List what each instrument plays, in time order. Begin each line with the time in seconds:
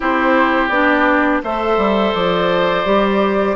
0.00 bassoon C4, clarinet E4, oboe G4, flute C5
0.68 bassoon B3, clarinet D4, flute D5
1.43 bassoon A3, clarinet A4, oboe C5, flute E5
1.77 bassoon G3
2.14 bassoon F3, flute D5
2.84 bassoon G3, clarinet G4